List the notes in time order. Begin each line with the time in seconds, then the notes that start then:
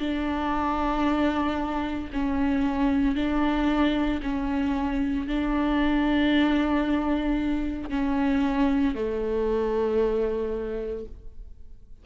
0.00 D4
2.13 C#4
3.16 D4
4.23 C#4
5.28 D4
7.90 C#4
8.95 A3